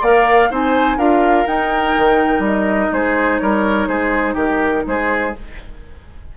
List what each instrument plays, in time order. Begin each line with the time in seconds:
0.00 bassoon A#3, clarinet A#4, oboe D5, flute F5
0.50 bassoon C4, clarinet D#4, oboe C5, flute G#5
0.96 bassoon D4, clarinet F4, oboe A#4, flute F5
1.46 clarinet D#4, bassoon D#4, flute G5
1.97 bassoon D#3
2.39 bassoon G3
2.45 flute D#5
2.91 bassoon G#3, oboe G#4, flute C5
3.39 bassoon G3, oboe A#4, flute C#5
3.87 bassoon G#3, oboe G#4, flute C5
4.34 bassoon D#3, oboe G4, flute A#4
4.86 bassoon G#3, oboe G#4, flute C5